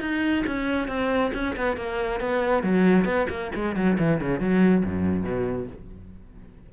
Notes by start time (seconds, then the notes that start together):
0.00 D#4
0.46 C#4
0.87 C4
1.34 C#4
1.56 B3
1.76 A#3
2.20 B3
2.63 F#3
3.05 B3
3.29 A#3
3.55 G#3
3.75 F#3
3.99 E3
4.20 C#3
4.40 F#3
4.85 F#2
5.23 B2